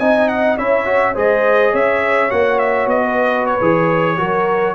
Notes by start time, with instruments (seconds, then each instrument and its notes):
0.00 tuba C4, trombone D#4, horn D#5, trumpet G#5
0.29 trumpet F#5
0.58 tuba C#4, trombone E4, horn C#5, trumpet E5
0.85 trombone F#4
1.15 tuba G#3, trombone G#4, horn C5, trumpet D#5
1.72 tuba C#4, horn C#5, trumpet E5
2.31 tuba A#3, trombone F#4, trumpet F#5
2.59 trumpet E5
2.87 tuba B3, trumpet D#5
3.03 horn B4
3.46 trumpet C#5
3.61 tuba E3, trombone G#4
4.18 tuba F#3, trombone F#4, horn A#4